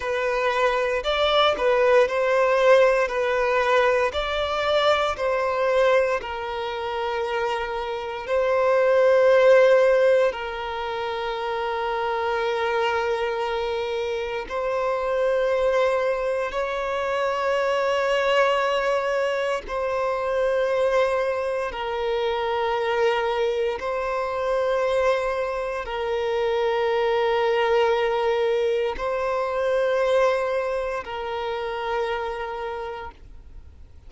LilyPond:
\new Staff \with { instrumentName = "violin" } { \time 4/4 \tempo 4 = 58 b'4 d''8 b'8 c''4 b'4 | d''4 c''4 ais'2 | c''2 ais'2~ | ais'2 c''2 |
cis''2. c''4~ | c''4 ais'2 c''4~ | c''4 ais'2. | c''2 ais'2 | }